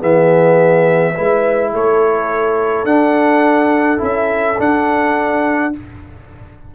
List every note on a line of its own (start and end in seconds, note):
0.00 1.17 E3
0.00 1.15 B3
0.00 1.14 G#4
0.00 1.74 E5
1.15 1.73 G#3
1.15 2.87 E4
1.15 1.73 B4
1.73 2.85 A3
1.73 5.75 A4
1.73 2.86 C#5
2.85 3.99 D4
2.85 3.98 D4
2.85 4.00 F#5
3.98 4.59 C#4
3.98 4.55 E4
3.98 4.61 E5
4.59 5.73 D4
4.59 5.74 D4
4.59 5.75 F#5